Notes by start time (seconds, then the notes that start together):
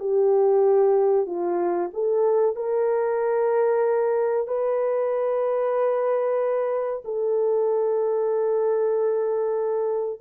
0.00 G4
1.26 F4
1.94 A4
2.56 A#4
4.48 B4
7.05 A4